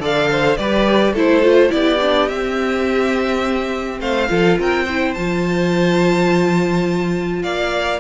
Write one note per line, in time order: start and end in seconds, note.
0.00 0.58 D3
0.00 0.57 A4
0.00 0.29 D5
0.00 0.57 F5
0.30 0.58 C5
0.57 1.13 G3
0.57 1.16 G4
0.57 1.13 B4
0.57 1.14 D5
1.13 1.70 A3
1.13 1.42 E4
1.13 1.70 A4
1.13 1.71 C5
1.42 1.69 F4
1.69 2.30 B3
1.69 1.97 E4
1.69 2.28 D5
1.75 4.00 G4
2.01 2.30 D4
2.28 4.00 C4
2.28 4.28 C4
2.28 4.00 E5
4.00 4.28 A3
4.00 4.29 C5
4.00 4.58 F5
4.28 4.59 F3
4.28 4.86 F4
4.28 4.58 A4
4.59 5.16 C4
4.59 4.83 A#4
4.59 5.14 G5
4.83 5.16 E4
4.83 7.40 C5
5.14 7.43 F3
5.14 8.00 F4
5.14 7.42 A5
7.42 8.00 A#3
7.42 8.00 D5
7.42 8.00 F5